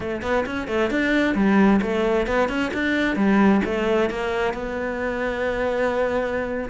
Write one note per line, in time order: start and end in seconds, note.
0.00 0.21 A3
0.21 0.44 B3
0.45 0.67 C#4
0.67 0.90 A3
0.90 1.34 D4
1.34 1.80 G3
1.81 2.26 A3
2.26 2.48 B3
2.48 2.71 C#4
2.73 3.15 D4
3.15 3.61 G3
3.64 4.10 A3
4.10 4.53 A#3
4.53 6.69 B3